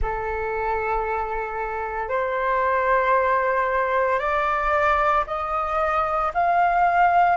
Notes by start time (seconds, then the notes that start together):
0.02 A4
2.09 C5
4.19 D5
5.26 D#5
6.34 F5